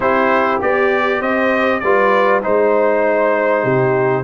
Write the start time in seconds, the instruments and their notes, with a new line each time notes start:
0.00 tuba C4, trombone E4, horn G4, trumpet C5
0.60 tuba B3, trombone G4, trumpet D5
1.19 tuba C4, horn C5, trumpet D#5
1.80 tuba G3, trombone F4, horn B4, trumpet D5
2.42 tuba G#3, trombone D#4, horn C5, trumpet C5
3.63 tuba C3, horn G4